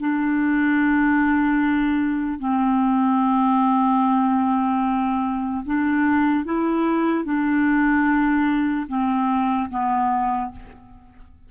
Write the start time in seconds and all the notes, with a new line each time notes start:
0.00 D4
2.40 C4
5.66 D4
6.45 E4
7.25 D4
8.89 C4
9.70 B3